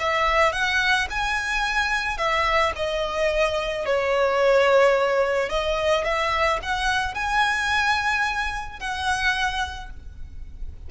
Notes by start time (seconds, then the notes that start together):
0.00 E5
0.53 F#5
1.10 G#5
2.18 E5
2.76 D#5
3.86 C#5
5.50 D#5
6.05 E5
6.63 F#5
7.15 G#5
8.80 F#5